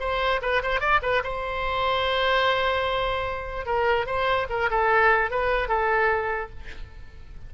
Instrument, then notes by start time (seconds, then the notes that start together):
oboe
0.00 C5
0.42 B4
0.63 C5
0.81 D5
1.03 B4
1.24 C5
3.66 A#4
4.07 C5
4.50 A#4
4.71 A4
5.31 B4
5.69 A4